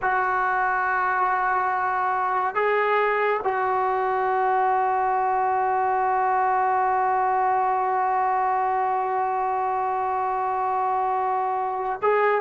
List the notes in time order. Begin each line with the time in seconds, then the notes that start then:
0.02 F#4
2.54 G#4
3.43 F#4
12.02 G#4